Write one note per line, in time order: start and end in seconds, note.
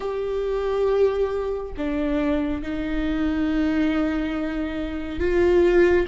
0.00 1.72 G4
1.77 2.62 D4
2.62 5.19 D#4
5.19 6.06 F4